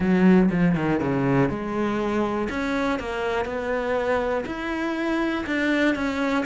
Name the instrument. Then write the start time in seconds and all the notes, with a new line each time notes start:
cello
0.00 F#3
0.50 F3
0.75 D#3
1.00 C#3
1.49 G#3
2.49 C#4
2.99 A#3
3.45 B3
4.45 E4
5.46 D4
5.95 C#4